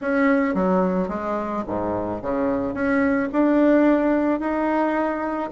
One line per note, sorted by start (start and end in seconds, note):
0.01 0.54 C#4
0.54 1.08 F#3
1.08 1.63 G#3
1.67 2.21 G#2
2.21 2.73 C#3
2.73 3.29 C#4
3.32 4.39 D4
4.39 5.49 D#4